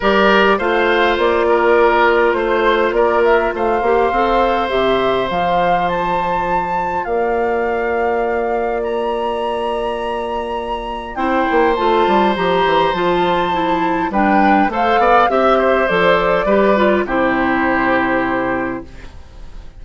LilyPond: <<
  \new Staff \with { instrumentName = "flute" } { \time 4/4 \tempo 4 = 102 d''4 f''4 d''2 | c''4 d''8 e''8 f''2 | e''4 f''4 a''2 | f''2. ais''4~ |
ais''2. g''4 | a''4 ais''4 a''2 | g''4 f''4 e''4 d''4~ | d''4 c''2. | }
  \new Staff \with { instrumentName = "oboe" } { \time 4/4 ais'4 c''4. ais'4. | c''4 ais'4 c''2~ | c''1 | d''1~ |
d''2. c''4~ | c''1 | b'4 c''8 d''8 e''8 c''4. | b'4 g'2. | }
  \new Staff \with { instrumentName = "clarinet" } { \time 4/4 g'4 f'2.~ | f'2~ f'8 g'8 a'4 | g'4 f'2.~ | f'1~ |
f'2. e'4 | f'4 g'4 f'4 e'4 | d'4 a'4 g'4 a'4 | g'8 f'8 e'2. | }
  \new Staff \with { instrumentName = "bassoon" } { \time 4/4 g4 a4 ais2 | a4 ais4 a8 ais8 c'4 | c4 f2. | ais1~ |
ais2. c'8 ais8 | a8 g8 f8 e8 f2 | g4 a8 b8 c'4 f4 | g4 c2. | }
>>